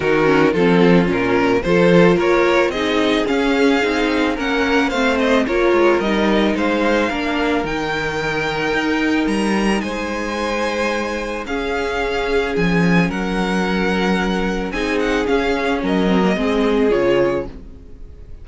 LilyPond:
<<
  \new Staff \with { instrumentName = "violin" } { \time 4/4 \tempo 4 = 110 ais'4 a'4 ais'4 c''4 | cis''4 dis''4 f''2 | fis''4 f''8 dis''8 cis''4 dis''4 | f''2 g''2~ |
g''4 ais''4 gis''2~ | gis''4 f''2 gis''4 | fis''2. gis''8 fis''8 | f''4 dis''2 cis''4 | }
  \new Staff \with { instrumentName = "violin" } { \time 4/4 fis'4 f'2 a'4 | ais'4 gis'2. | ais'4 c''4 ais'2 | c''4 ais'2.~ |
ais'2 c''2~ | c''4 gis'2. | ais'2. gis'4~ | gis'4 ais'4 gis'2 | }
  \new Staff \with { instrumentName = "viola" } { \time 4/4 dis'8 cis'8 c'4 cis'4 f'4~ | f'4 dis'4 cis'4 dis'4 | cis'4 c'4 f'4 dis'4~ | dis'4 d'4 dis'2~ |
dis'1~ | dis'4 cis'2.~ | cis'2. dis'4 | cis'4. c'16 ais16 c'4 f'4 | }
  \new Staff \with { instrumentName = "cello" } { \time 4/4 dis4 f4 ais,4 f4 | ais4 c'4 cis'4 c'4 | ais4 a4 ais8 gis8 g4 | gis4 ais4 dis2 |
dis'4 g4 gis2~ | gis4 cis'2 f4 | fis2. c'4 | cis'4 fis4 gis4 cis4 | }
>>